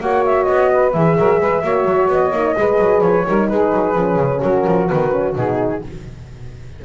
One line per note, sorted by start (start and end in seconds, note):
0.00 0.47 A#3
0.00 0.94 F#4
0.00 0.71 C#5
0.00 0.24 F#5
0.25 0.44 E5
0.44 0.94 B3
0.44 0.90 D#5
0.72 1.17 B4
0.92 1.17 E3
0.92 1.63 G#4
0.92 2.09 E5
1.17 1.40 F#3
1.17 1.40 A#4
1.40 1.62 G#3
1.40 1.63 B4
1.62 1.84 A#3
1.62 2.33 F#4
1.62 2.56 C#5
1.84 2.08 F#3
2.08 2.31 B3
2.08 3.01 D#5
2.31 2.54 A#3
2.31 2.55 D#4
2.55 2.78 G#3
2.55 3.25 G#4
2.55 3.26 B4
2.78 3.00 F#3
3.00 3.23 F3
3.00 3.47 C#5
3.26 3.50 G3
3.26 3.94 D#4
3.26 3.50 A#4
3.48 3.72 G#3
3.48 4.42 G#4
3.48 4.41 B4
3.72 3.95 F#3
3.94 4.16 F3
3.94 4.87 C#4
4.16 4.39 C#3
4.42 4.65 F#3
4.42 5.82 F#4
4.42 4.87 A#4
4.66 4.90 F3
4.87 5.35 D#3
4.87 5.11 B3
4.87 5.34 B4
5.11 5.34 C#4
5.35 5.82 B2
5.35 5.82 D#4
5.35 5.84 G#4